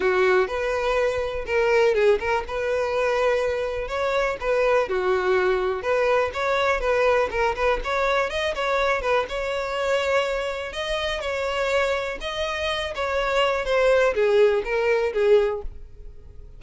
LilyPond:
\new Staff \with { instrumentName = "violin" } { \time 4/4 \tempo 4 = 123 fis'4 b'2 ais'4 | gis'8 ais'8 b'2. | cis''4 b'4 fis'2 | b'4 cis''4 b'4 ais'8 b'8 |
cis''4 dis''8 cis''4 b'8 cis''4~ | cis''2 dis''4 cis''4~ | cis''4 dis''4. cis''4. | c''4 gis'4 ais'4 gis'4 | }